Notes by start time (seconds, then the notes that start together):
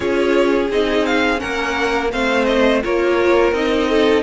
0.00 C#4 F4 G#4 C#5
0.70 C4 D#4 D#5
1.05 F5
1.37 C#4 A#4 F#5
1.43 A#3
2.12 A3 C4 C5 F5
2.45 D#5
2.83 A#3 F4 A#4 C#5
3.52 C4 D#4 D#5
3.89 A4